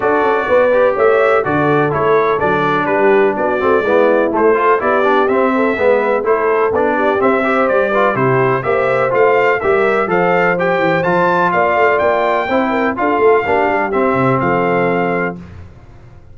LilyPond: <<
  \new Staff \with { instrumentName = "trumpet" } { \time 4/4 \tempo 4 = 125 d''2 e''4 d''4 | cis''4 d''4 b'4 d''4~ | d''4 c''4 d''4 e''4~ | e''4 c''4 d''4 e''4 |
d''4 c''4 e''4 f''4 | e''4 f''4 g''4 a''4 | f''4 g''2 f''4~ | f''4 e''4 f''2 | }
  \new Staff \with { instrumentName = "horn" } { \time 4/4 a'4 b'4 cis''4 a'4~ | a'2 g'4 fis'4 | e'4. a'8 g'4. a'8 | b'4 a'4. g'4 c''8~ |
c''8 b'8 g'4 c''2 | ais'4 c''2. | d''2 c''8 ais'8 a'4 | g'2 a'2 | }
  \new Staff \with { instrumentName = "trombone" } { \time 4/4 fis'4. g'4. fis'4 | e'4 d'2~ d'8 c'8 | b4 a8 f'8 e'8 d'8 c'4 | b4 e'4 d'4 c'8 g'8~ |
g'8 f'8 e'4 g'4 f'4 | g'4 a'4 g'4 f'4~ | f'2 e'4 f'4 | d'4 c'2. | }
  \new Staff \with { instrumentName = "tuba" } { \time 4/4 d'8 cis'8 b4 a4 d4 | a4 fis4 g4 b8 a8 | gis4 a4 b4 c'4 | gis4 a4 b4 c'4 |
g4 c4 ais4 a4 | g4 f4. e8 f4 | ais8 a8 ais4 c'4 d'8 a8 | ais8 g8 c'8 c8 f2 | }
>>